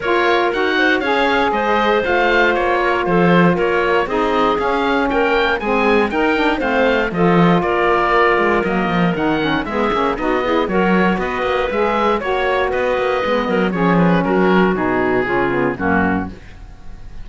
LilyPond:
<<
  \new Staff \with { instrumentName = "oboe" } { \time 4/4 \tempo 4 = 118 cis''4 fis''4 f''4 dis''4 | f''4 cis''4 c''4 cis''4 | dis''4 f''4 g''4 gis''4 | g''4 f''4 dis''4 d''4~ |
d''4 dis''4 fis''4 e''4 | dis''4 cis''4 dis''4 e''4 | cis''4 dis''2 cis''8 b'8 | ais'4 gis'2 fis'4 | }
  \new Staff \with { instrumentName = "clarinet" } { \time 4/4 ais'4. c''8 cis''4 c''4~ | c''4. ais'8 a'4 ais'4 | gis'2 ais'4 gis'4 | ais'4 c''4 a'4 ais'4~ |
ais'2. gis'4 | fis'8 gis'8 ais'4 b'2 | cis''4 b'4. ais'8 gis'4 | fis'2 f'4 cis'4 | }
  \new Staff \with { instrumentName = "saxophone" } { \time 4/4 f'4 fis'4 gis'2 | f'1 | dis'4 cis'2 c'4 | dis'8 d'8 c'4 f'2~ |
f'4 ais4 dis'8 cis'8 b8 cis'8 | dis'8 e'8 fis'2 gis'4 | fis'2 b4 cis'4~ | cis'4 dis'4 cis'8 b8 ais4 | }
  \new Staff \with { instrumentName = "cello" } { \time 4/4 ais4 dis'4 cis'4 gis4 | a4 ais4 f4 ais4 | c'4 cis'4 ais4 gis4 | dis'4 a4 f4 ais4~ |
ais8 gis8 fis8 f8 dis4 gis8 ais8 | b4 fis4 b8 ais8 gis4 | ais4 b8 ais8 gis8 fis8 f4 | fis4 b,4 cis4 fis,4 | }
>>